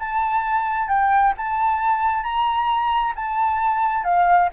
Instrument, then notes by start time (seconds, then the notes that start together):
flute
0.00 A5
0.89 G5
1.38 A5
2.24 A#5
3.16 A5
4.05 F5